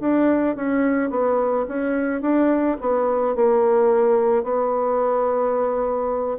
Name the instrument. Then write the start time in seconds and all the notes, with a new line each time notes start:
bassoon
0.00 D4
0.56 C#4
1.10 B3
1.68 C#4
2.21 D4
2.80 B3
3.35 A#3
4.43 B3